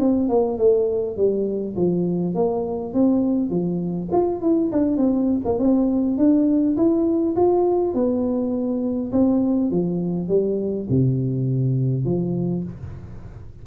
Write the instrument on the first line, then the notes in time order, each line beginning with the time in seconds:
tuba
0.00 C4
0.29 A#3
0.59 A3
1.17 G3
1.77 F3
2.35 A#3
2.94 C4
3.51 F3
4.13 F4
4.42 E4
4.72 D4
4.98 C4
5.45 A#3
5.59 C4
6.18 D4
6.77 E4
7.37 F4
7.95 B3
9.13 C4
9.71 F3
10.29 G3
10.90 C3
12.05 F3